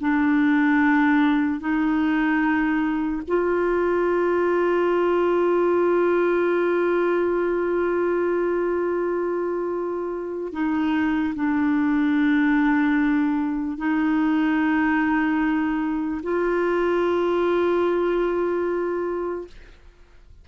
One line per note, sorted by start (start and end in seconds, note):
0.00 1.60 D4
1.60 3.22 D#4
3.28 10.53 F4
10.53 11.34 D#4
11.35 13.78 D4
13.78 16.21 D#4
16.23 19.47 F4